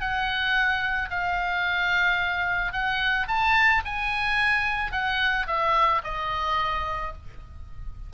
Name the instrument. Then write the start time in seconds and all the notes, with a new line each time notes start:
oboe
0.00 F#5
1.10 F5
2.72 F#5
3.28 A5
3.85 G#5
4.92 F#5
5.47 E5
6.04 D#5